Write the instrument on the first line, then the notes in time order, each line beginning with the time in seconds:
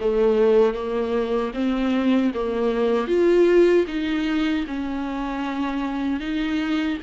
viola
0.00 A3
0.74 A#3
1.54 C4
2.34 A#3
3.07 F4
3.87 D#4
4.67 C#4
6.20 D#4